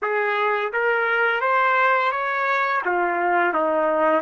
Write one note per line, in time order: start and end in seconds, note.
0.02 0.72 G#4
0.73 1.41 A#4
1.41 2.11 C5
2.11 2.82 C#5
2.85 3.53 F4
3.53 4.21 D#4